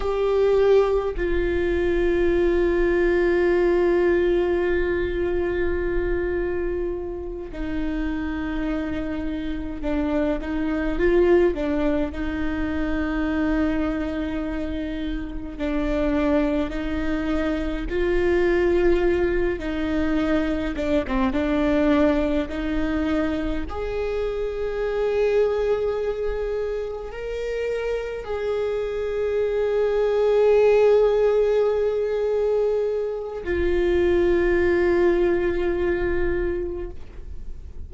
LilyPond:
\new Staff \with { instrumentName = "viola" } { \time 4/4 \tempo 4 = 52 g'4 f'2.~ | f'2~ f'8 dis'4.~ | dis'8 d'8 dis'8 f'8 d'8 dis'4.~ | dis'4. d'4 dis'4 f'8~ |
f'4 dis'4 d'16 c'16 d'4 dis'8~ | dis'8 gis'2. ais'8~ | ais'8 gis'2.~ gis'8~ | gis'4 f'2. | }